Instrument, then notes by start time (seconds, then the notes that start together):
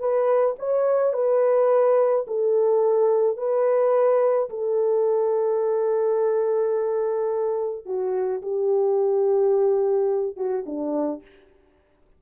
horn
0.00 B4
0.59 C#5
1.14 B4
2.28 A4
3.37 B4
4.50 A4
7.86 F#4
8.42 G4
10.37 F#4
10.66 D4